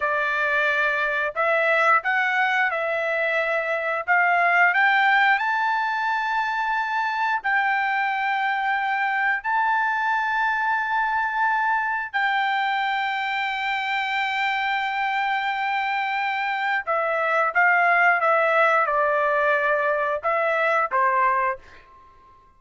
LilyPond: \new Staff \with { instrumentName = "trumpet" } { \time 4/4 \tempo 4 = 89 d''2 e''4 fis''4 | e''2 f''4 g''4 | a''2. g''4~ | g''2 a''2~ |
a''2 g''2~ | g''1~ | g''4 e''4 f''4 e''4 | d''2 e''4 c''4 | }